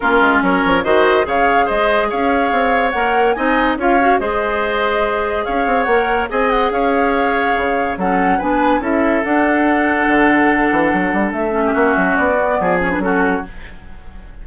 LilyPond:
<<
  \new Staff \with { instrumentName = "flute" } { \time 4/4 \tempo 4 = 143 ais'4 cis''4 dis''4 f''4 | dis''4 f''2 fis''4 | gis''4 f''4 dis''2~ | dis''4 f''4 fis''4 gis''8 fis''8 |
f''2. fis''4 | gis''4 e''4 fis''2~ | fis''2. e''4~ | e''4 d''4. cis''16 b'16 a'4 | }
  \new Staff \with { instrumentName = "oboe" } { \time 4/4 f'4 ais'4 c''4 cis''4 | c''4 cis''2. | dis''4 cis''4 c''2~ | c''4 cis''2 dis''4 |
cis''2. a'4 | b'4 a'2.~ | a'2.~ a'8. g'16 | fis'2 gis'4 fis'4 | }
  \new Staff \with { instrumentName = "clarinet" } { \time 4/4 cis'2 fis'4 gis'4~ | gis'2. ais'4 | dis'4 f'8 fis'8 gis'2~ | gis'2 ais'4 gis'4~ |
gis'2. cis'4 | d'4 e'4 d'2~ | d'2.~ d'8 cis'8~ | cis'4. b4 cis'16 d'16 cis'4 | }
  \new Staff \with { instrumentName = "bassoon" } { \time 4/4 ais8 gis8 fis8 f8 dis4 cis4 | gis4 cis'4 c'4 ais4 | c'4 cis'4 gis2~ | gis4 cis'8 c'8 ais4 c'4 |
cis'2 cis4 fis4 | b4 cis'4 d'2 | d4. e8 fis8 g8 a4 | ais8 fis8 b4 f4 fis4 | }
>>